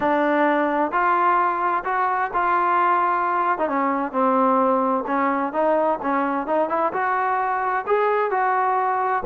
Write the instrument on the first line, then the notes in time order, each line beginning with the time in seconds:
trombone
0.00 D4
0.91 F4
1.84 F#4
2.33 F4
3.58 D#4
3.68 C#4
4.12 C4
5.06 C#4
5.53 D#4
6.02 C#4
6.46 D#4
6.69 E4
6.93 F#4
7.86 G#4
8.30 F#4